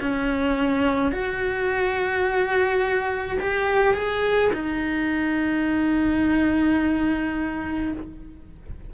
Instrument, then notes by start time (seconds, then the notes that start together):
cello
0.00 C#4
1.12 F#4
3.40 G4
3.94 G#4
4.53 D#4